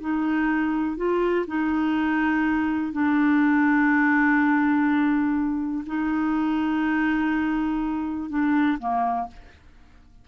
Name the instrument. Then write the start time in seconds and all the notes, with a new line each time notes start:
clarinet
0.00 D#4
0.97 F4
1.47 D#4
2.92 D4
5.86 D#4
8.29 D4
8.78 A#3